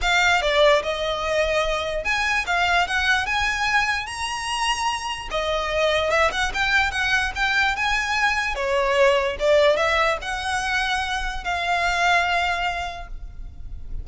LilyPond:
\new Staff \with { instrumentName = "violin" } { \time 4/4 \tempo 4 = 147 f''4 d''4 dis''2~ | dis''4 gis''4 f''4 fis''4 | gis''2 ais''2~ | ais''4 dis''2 e''8 fis''8 |
g''4 fis''4 g''4 gis''4~ | gis''4 cis''2 d''4 | e''4 fis''2. | f''1 | }